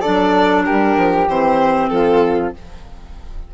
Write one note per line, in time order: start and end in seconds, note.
0.00 1.27 D4
0.00 0.62 A4
0.00 0.62 D5
0.06 0.69 F#3
0.64 0.96 G3
0.64 1.90 G4
0.64 1.27 A#4
0.96 1.27 F3
1.28 1.90 E3
1.28 2.53 C4
1.28 1.88 C5
1.88 2.53 F3
1.88 2.54 F4
1.88 2.51 A4